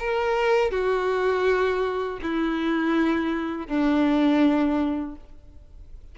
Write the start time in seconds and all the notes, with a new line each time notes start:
0.00 A#4
0.71 F#4
2.23 E4
3.68 D4